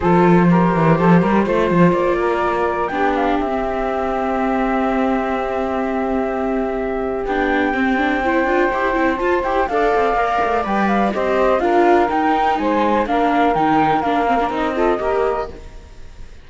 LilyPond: <<
  \new Staff \with { instrumentName = "flute" } { \time 4/4 \tempo 4 = 124 c''1 | d''2 g''8 f''8 e''4~ | e''1~ | e''2. g''4~ |
g''2. a''8 g''8 | f''2 g''8 f''8 dis''4 | f''4 g''4 gis''4 f''4 | g''4 f''4 dis''2 | }
  \new Staff \with { instrumentName = "saxophone" } { \time 4/4 a'4 ais'4 a'8 ais'8 c''4~ | c''8 ais'4. g'2~ | g'1~ | g'1~ |
g'4 c''2. | d''2. c''4 | ais'2 c''4 ais'4~ | ais'2~ ais'8 a'8 ais'4 | }
  \new Staff \with { instrumentName = "viola" } { \time 4/4 f'4 g'2 f'4~ | f'2 d'4~ d'16 c'8.~ | c'1~ | c'2. d'4 |
c'8 d'8 e'8 f'8 g'8 e'8 f'8 g'8 | a'4 ais'4 b'4 g'4 | f'4 dis'2 d'4 | dis'4 d'8 c'16 d'16 dis'8 f'8 g'4 | }
  \new Staff \with { instrumentName = "cello" } { \time 4/4 f4. e8 f8 g8 a8 f8 | ais2 b4 c'4~ | c'1~ | c'2. b4 |
c'4. d'8 e'8 c'8 f'8 e'8 | d'8 c'8 ais8 a8 g4 c'4 | d'4 dis'4 gis4 ais4 | dis4 ais4 c'4 ais4 | }
>>